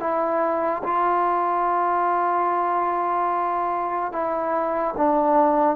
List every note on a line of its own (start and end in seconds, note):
0.00 0.82 E4
0.84 4.12 F4
4.12 4.95 E4
4.97 5.76 D4